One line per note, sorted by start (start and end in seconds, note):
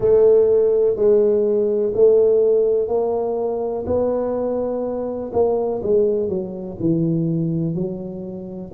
0.00 0.96 A3
0.96 1.93 G#3
1.94 2.88 A3
2.88 3.84 A#3
3.86 5.31 B3
5.33 5.81 A#3
5.82 6.29 G#3
6.29 6.77 F#3
6.80 7.74 E3
7.74 8.71 F#3